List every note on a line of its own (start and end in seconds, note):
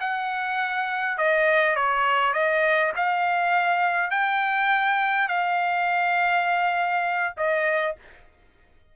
0.00 1.17 F#5
1.17 1.75 D#5
1.75 2.33 C#5
2.33 2.92 D#5
2.96 4.10 F5
4.10 5.28 G5
5.28 7.34 F5
7.37 7.95 D#5